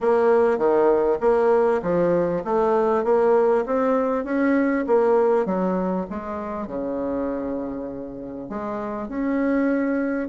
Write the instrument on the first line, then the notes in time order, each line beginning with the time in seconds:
bassoon
0.00 A#3
0.58 D#3
1.20 A#3
1.82 F3
2.44 A3
3.04 A#3
3.66 C4
4.24 C#4
4.87 A#3
5.45 F#3
6.10 G#3
6.67 C#3
8.49 G#3
9.08 C#4